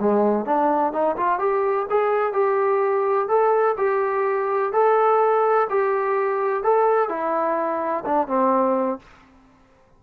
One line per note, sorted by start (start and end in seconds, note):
0.00 0.46 G#3
0.46 0.93 D4
0.93 1.17 D#4
1.17 1.39 F4
1.39 1.87 G4
1.90 2.33 G#4
2.33 3.28 G4
3.28 3.76 A4
3.78 4.73 G4
4.73 5.68 A4
5.70 6.64 G4
6.64 7.10 A4
7.10 8.05 E4
8.06 8.28 D4
8.28 8.99 C4